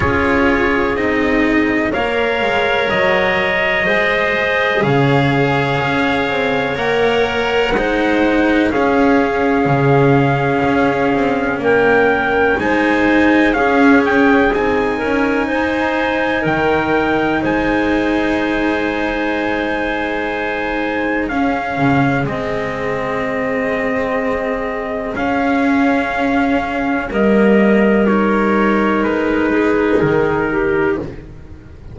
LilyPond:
<<
  \new Staff \with { instrumentName = "trumpet" } { \time 4/4 \tempo 4 = 62 cis''4 dis''4 f''4 dis''4~ | dis''4 f''2 fis''4~ | fis''4 f''2. | g''4 gis''4 f''8 g''8 gis''4~ |
gis''4 g''4 gis''2~ | gis''2 f''4 dis''4~ | dis''2 f''2 | dis''4 cis''4 b'4 ais'4 | }
  \new Staff \with { instrumentName = "clarinet" } { \time 4/4 gis'2 cis''2 | c''4 cis''2. | c''4 gis'2. | ais'4 c''4 gis'4. ais'8 |
c''4 ais'4 c''2~ | c''2 gis'2~ | gis'1 | ais'2~ ais'8 gis'4 g'8 | }
  \new Staff \with { instrumentName = "cello" } { \time 4/4 f'4 dis'4 ais'2 | gis'2. ais'4 | dis'4 cis'2.~ | cis'4 dis'4 cis'4 dis'4~ |
dis'1~ | dis'2 cis'4 c'4~ | c'2 cis'2 | ais4 dis'2. | }
  \new Staff \with { instrumentName = "double bass" } { \time 4/4 cis'4 c'4 ais8 gis8 fis4 | gis4 cis4 cis'8 c'8 ais4 | gis4 cis'4 cis4 cis'8 c'8 | ais4 gis4 cis'4 c'8 cis'8 |
dis'4 dis4 gis2~ | gis2 cis'8 cis8 gis4~ | gis2 cis'2 | g2 gis4 dis4 | }
>>